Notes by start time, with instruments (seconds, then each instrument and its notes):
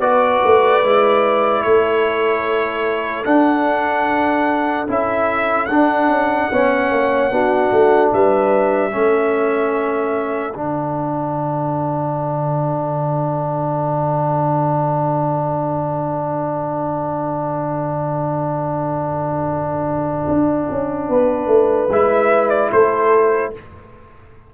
0.00 tuba B3, trombone F#4, horn B4, trumpet D5
0.45 tuba A3
0.83 tuba G#3, trombone E4
1.62 tuba A3, horn A4, trumpet C#5
3.25 trombone D4, tuba D4, trumpet F#5
4.88 tuba C#4, trombone E4, trumpet E5
5.66 tuba D4, trombone D4, trumpet F#5
6.09 tuba C#4
6.52 tuba B3, trombone C#4, horn C#5
6.91 tuba A#3
7.31 tuba B3, trombone D4, horn F#4
7.72 tuba A3
8.13 tuba G3, horn B4, trumpet E5
8.91 tuba A3, trombone C#4, horn A4
10.55 tuba D3, trombone D4, trumpet F#5
20.29 tuba D4
20.70 tuba C#4
21.09 tuba B3, horn B4
21.47 tuba A3
21.89 tuba G#3, trombone E4, trumpet E5
22.50 trumpet D5
22.72 tuba A3, horn A4, trumpet C5